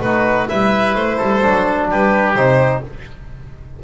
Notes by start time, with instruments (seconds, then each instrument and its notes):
0.00 double bass A3, trombone D#4, oboe F#4, violin B4
0.48 double bass G3, trombone E4, oboe B4, violin E5
0.95 double bass A3, violin C5
1.17 double bass G3, oboe A4
1.42 double bass F#3, trombone D4
1.90 double bass G3, oboe G4, violin B4
2.35 double bass C3, trombone D#4, violin C5